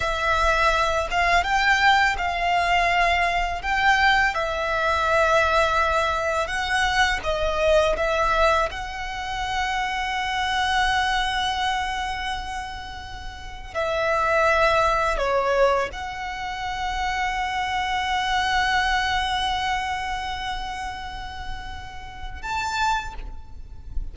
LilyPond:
\new Staff \with { instrumentName = "violin" } { \time 4/4 \tempo 4 = 83 e''4. f''8 g''4 f''4~ | f''4 g''4 e''2~ | e''4 fis''4 dis''4 e''4 | fis''1~ |
fis''2. e''4~ | e''4 cis''4 fis''2~ | fis''1~ | fis''2. a''4 | }